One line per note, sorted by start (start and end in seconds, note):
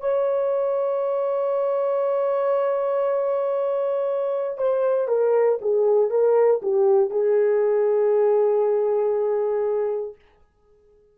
0.00 4.58 C#5
4.58 5.08 C5
5.08 5.58 A#4
5.61 6.10 G#4
6.10 6.61 A#4
6.62 7.10 G4
7.10 10.15 G#4